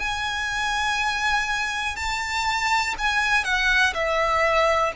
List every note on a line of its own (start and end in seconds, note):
0.00 1.97 G#5
1.97 2.95 A5
2.99 3.45 G#5
3.45 3.94 F#5
3.94 4.93 E5